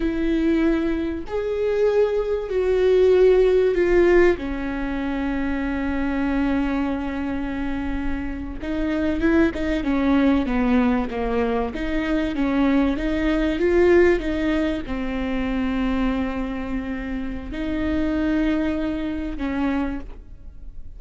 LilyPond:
\new Staff \with { instrumentName = "viola" } { \time 4/4 \tempo 4 = 96 e'2 gis'2 | fis'2 f'4 cis'4~ | cis'1~ | cis'4.~ cis'16 dis'4 e'8 dis'8 cis'16~ |
cis'8. b4 ais4 dis'4 cis'16~ | cis'8. dis'4 f'4 dis'4 c'16~ | c'1 | dis'2. cis'4 | }